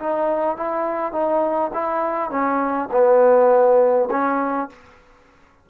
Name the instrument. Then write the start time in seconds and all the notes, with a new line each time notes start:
trombone
0.00 D#4
0.57 E4
1.13 D#4
1.74 E4
2.30 C#4
2.92 B3
4.11 C#4